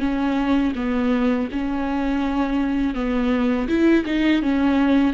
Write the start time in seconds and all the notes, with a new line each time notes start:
0.00 C#4
0.75 B3
1.52 C#4
2.95 B3
3.68 E4
4.05 D#4
4.42 C#4